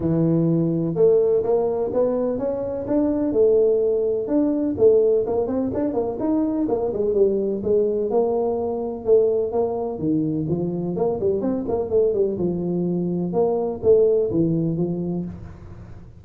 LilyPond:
\new Staff \with { instrumentName = "tuba" } { \time 4/4 \tempo 4 = 126 e2 a4 ais4 | b4 cis'4 d'4 a4~ | a4 d'4 a4 ais8 c'8 | d'8 ais8 dis'4 ais8 gis8 g4 |
gis4 ais2 a4 | ais4 dis4 f4 ais8 g8 | c'8 ais8 a8 g8 f2 | ais4 a4 e4 f4 | }